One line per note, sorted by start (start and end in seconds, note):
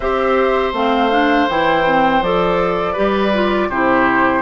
0.00 0.72 C4
0.00 0.74 G4
0.00 2.93 C5
0.00 0.74 E5
0.72 1.46 A3
0.72 1.11 C4
0.72 1.49 F5
1.11 1.48 D4
1.48 2.21 E3
1.48 1.86 E4
1.48 2.23 G5
1.86 2.23 C4
2.21 2.95 F3
2.21 2.95 A4
2.21 3.70 D5
2.93 3.69 G3
2.93 3.32 G4
2.93 3.67 B4
3.33 3.70 F4
3.69 4.42 C3
3.69 4.42 E4
3.69 4.42 G4
3.69 4.42 C5